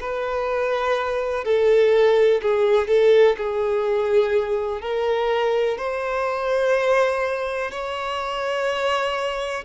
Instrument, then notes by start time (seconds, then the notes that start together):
violin
0.00 B4
1.44 A4
2.42 G#4
2.88 A4
3.37 G#4
4.81 A#4
5.77 C5
7.71 C#5